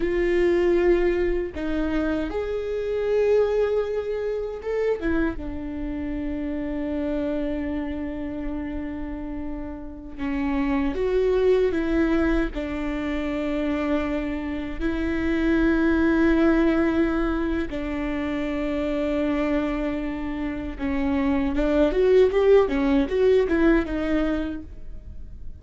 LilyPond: \new Staff \with { instrumentName = "viola" } { \time 4/4 \tempo 4 = 78 f'2 dis'4 gis'4~ | gis'2 a'8 e'8 d'4~ | d'1~ | d'4~ d'16 cis'4 fis'4 e'8.~ |
e'16 d'2. e'8.~ | e'2. d'4~ | d'2. cis'4 | d'8 fis'8 g'8 cis'8 fis'8 e'8 dis'4 | }